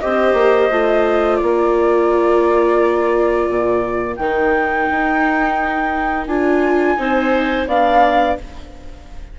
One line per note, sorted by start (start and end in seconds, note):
0.00 0.34 C4
0.00 0.71 G4
0.00 1.41 C5
0.00 1.36 D#5
0.34 0.69 A#3
0.71 1.41 A3
0.71 4.20 F4
1.36 3.49 A#3
1.36 6.99 A#4
1.36 4.16 D5
3.49 4.18 A#2
4.16 4.88 D#3
4.16 6.29 D#4
4.16 6.25 G5
4.91 6.27 D#4
6.27 6.97 D4
6.27 6.98 F4
6.27 7.67 G#5
6.98 7.67 C4
6.98 7.67 D#4
6.98 7.68 C5
7.67 8.37 B3
7.67 8.39 D4
7.67 8.37 D5
7.67 8.38 F5